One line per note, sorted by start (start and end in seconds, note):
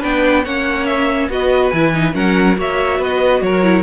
0.00 0.46 B3
0.00 0.44 D4
0.00 0.43 B4
0.00 0.45 G5
0.45 1.29 A#3
0.45 1.30 C#4
0.45 1.30 C#5
0.45 0.86 F#5
0.86 1.29 E5
1.29 1.72 B3
1.29 1.73 F#4
1.29 2.15 B4
1.29 1.71 D#5
1.71 2.15 E3
1.71 1.93 E4
1.71 2.13 G#5
1.93 2.13 D#4
2.13 2.57 F#3
2.13 2.55 C#4
2.13 2.58 A#4
2.13 2.58 F#5
2.57 3.00 A#3
2.57 3.64 F#4
2.57 3.00 C#5
2.57 3.04 E5
3.00 3.42 B3
3.00 3.42 B4
3.00 3.42 D#5
3.42 3.84 F#3
3.42 3.84 A#4
3.42 3.84 C#5
3.64 3.84 E4